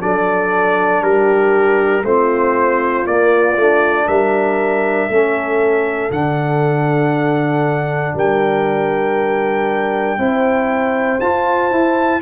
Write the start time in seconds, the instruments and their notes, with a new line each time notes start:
0.00 tuba F#3, trombone D4, horn A4, trumpet D5
1.03 tuba G3, horn G4, trumpet A#4
2.04 tuba A3, trombone C4, horn F4, trumpet C5
3.07 trombone A#3, tuba A#3, trumpet D5
3.57 tuba A3, trombone D4
4.08 tuba G3, horn A#4, trumpet E5
5.09 tuba A3, trombone C#4, horn A4
6.11 tuba D3, trombone D4, trumpet F#5
8.15 tuba G3, horn A#4, trumpet G5
10.19 tuba C4, trombone E4, horn C5
11.21 tuba F4, trombone F4, trumpet A5
11.72 trombone E4, tuba E4